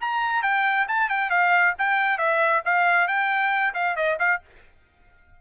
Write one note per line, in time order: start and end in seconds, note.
0.00 0.42 A#5
0.42 0.86 G5
0.88 1.09 A5
1.09 1.30 G5
1.30 1.74 F5
1.78 2.18 G5
2.18 2.62 E5
2.65 3.07 F5
3.07 3.73 G5
3.74 3.96 F5
3.96 4.18 D#5
4.19 4.41 F5